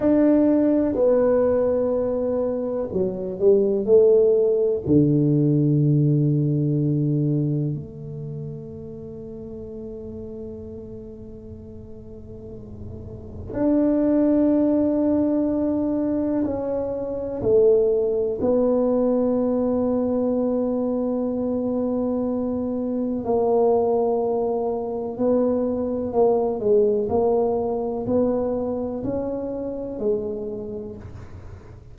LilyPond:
\new Staff \with { instrumentName = "tuba" } { \time 4/4 \tempo 4 = 62 d'4 b2 fis8 g8 | a4 d2. | a1~ | a2 d'2~ |
d'4 cis'4 a4 b4~ | b1 | ais2 b4 ais8 gis8 | ais4 b4 cis'4 gis4 | }